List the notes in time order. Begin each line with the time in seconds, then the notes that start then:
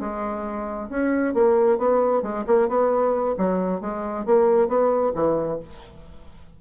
0.00 G#3
0.89 C#4
1.34 A#3
1.78 B3
2.22 G#3
2.47 A#3
2.68 B3
3.37 F#3
3.81 G#3
4.25 A#3
4.68 B3
5.15 E3